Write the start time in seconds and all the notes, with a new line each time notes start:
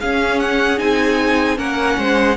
0.00 C#4 G#4 F5
0.39 F#5
0.77 C4 D#4 G#5
1.56 A#3 C#4 A#4 F#5
1.98 G#3 C5